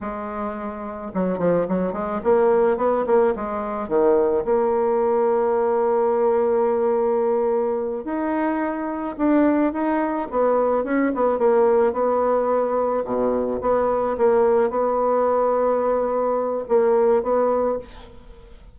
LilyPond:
\new Staff \with { instrumentName = "bassoon" } { \time 4/4 \tempo 4 = 108 gis2 fis8 f8 fis8 gis8 | ais4 b8 ais8 gis4 dis4 | ais1~ | ais2~ ais8 dis'4.~ |
dis'8 d'4 dis'4 b4 cis'8 | b8 ais4 b2 b,8~ | b,8 b4 ais4 b4.~ | b2 ais4 b4 | }